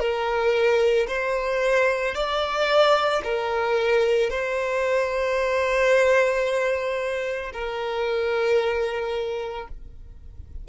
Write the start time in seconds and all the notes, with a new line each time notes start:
0.00 A#4
1.08 C5
2.15 D5
3.24 A#4
4.31 C5
7.53 A#4